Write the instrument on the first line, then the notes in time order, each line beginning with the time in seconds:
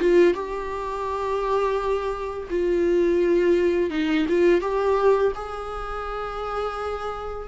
viola
0.00 F4
0.34 G4
2.50 F4
3.91 D#4
4.29 F4
4.61 G4
5.36 G#4